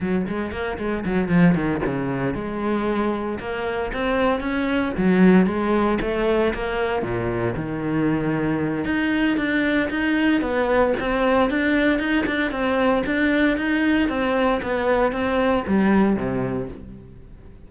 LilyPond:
\new Staff \with { instrumentName = "cello" } { \time 4/4 \tempo 4 = 115 fis8 gis8 ais8 gis8 fis8 f8 dis8 cis8~ | cis8 gis2 ais4 c'8~ | c'8 cis'4 fis4 gis4 a8~ | a8 ais4 ais,4 dis4.~ |
dis4 dis'4 d'4 dis'4 | b4 c'4 d'4 dis'8 d'8 | c'4 d'4 dis'4 c'4 | b4 c'4 g4 c4 | }